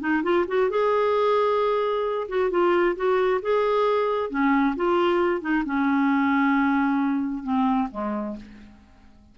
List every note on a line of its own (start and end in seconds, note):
0.00 0.23 D#4
0.23 0.45 F4
0.47 0.70 F#4
0.70 2.28 G#4
2.28 2.50 F#4
2.50 2.95 F4
2.96 3.41 F#4
3.42 4.30 G#4
4.30 4.75 C#4
4.76 5.41 F4
5.41 5.63 D#4
5.65 7.43 C#4
7.43 7.88 C4
7.91 8.36 G#3